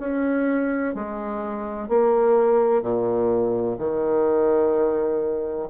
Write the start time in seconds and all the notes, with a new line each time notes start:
0.00 C#4
0.94 G#3
1.88 A#3
2.82 A#2
3.78 D#3